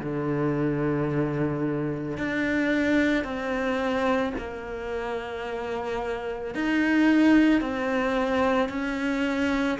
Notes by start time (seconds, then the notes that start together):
0.00 D3
2.18 D4
3.24 C4
4.38 A#3
6.55 D#4
7.61 C4
8.69 C#4